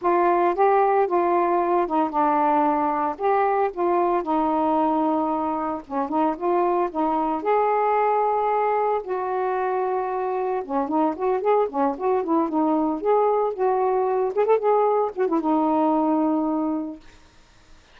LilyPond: \new Staff \with { instrumentName = "saxophone" } { \time 4/4 \tempo 4 = 113 f'4 g'4 f'4. dis'8 | d'2 g'4 f'4 | dis'2. cis'8 dis'8 | f'4 dis'4 gis'2~ |
gis'4 fis'2. | cis'8 dis'8 fis'8 gis'8 cis'8 fis'8 e'8 dis'8~ | dis'8 gis'4 fis'4. gis'16 a'16 gis'8~ | gis'8 fis'16 e'16 dis'2. | }